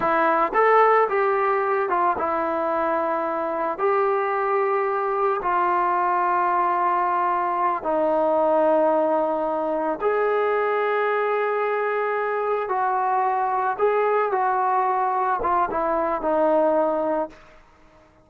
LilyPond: \new Staff \with { instrumentName = "trombone" } { \time 4/4 \tempo 4 = 111 e'4 a'4 g'4. f'8 | e'2. g'4~ | g'2 f'2~ | f'2~ f'8 dis'4.~ |
dis'2~ dis'8 gis'4.~ | gis'2.~ gis'8 fis'8~ | fis'4. gis'4 fis'4.~ | fis'8 f'8 e'4 dis'2 | }